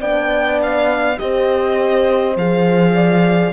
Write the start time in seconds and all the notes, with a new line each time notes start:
0.00 B3 D4 D5 G5
0.62 F5
1.16 C4 G4 C5 D#5
2.36 F3 G#4 F5
2.94 D5